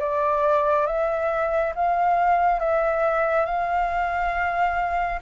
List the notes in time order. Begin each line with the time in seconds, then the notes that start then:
0.00 D5
0.87 E5
1.75 F5
2.60 E5
3.46 F5